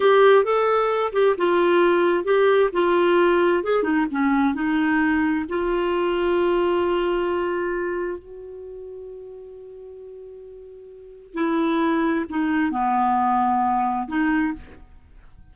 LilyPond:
\new Staff \with { instrumentName = "clarinet" } { \time 4/4 \tempo 4 = 132 g'4 a'4. g'8 f'4~ | f'4 g'4 f'2 | gis'8 dis'8 cis'4 dis'2 | f'1~ |
f'2 fis'2~ | fis'1~ | fis'4 e'2 dis'4 | b2. dis'4 | }